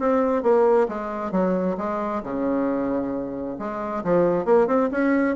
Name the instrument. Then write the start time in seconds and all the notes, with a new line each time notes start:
bassoon
0.00 C4
0.43 A#3
0.89 G#3
1.32 F#3
1.78 G#3
2.23 C#3
3.59 G#3
4.04 F3
4.46 A#3
4.68 C4
4.92 C#4